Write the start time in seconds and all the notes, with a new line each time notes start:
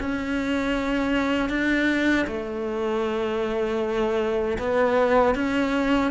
0.00 C#4
1.50 D4
2.27 A3
4.59 B3
5.35 C#4